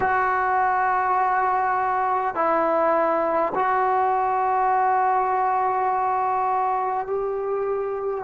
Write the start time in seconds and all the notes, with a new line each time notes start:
0.00 F#4
2.35 E4
3.55 F#4
7.06 G4